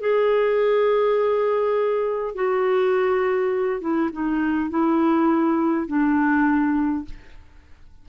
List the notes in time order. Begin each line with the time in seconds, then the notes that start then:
0.00 G#4
2.34 F#4
3.80 E4
4.12 D#4
4.70 E4
5.87 D4